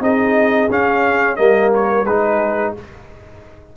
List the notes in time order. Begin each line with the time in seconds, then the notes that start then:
0.00 C4 D#4 G#4 D#5
0.70 C#4 F5
1.36 G3 A#3 A#4 D#5
1.74 C#5
2.05 G#3 D#4 G#4 B4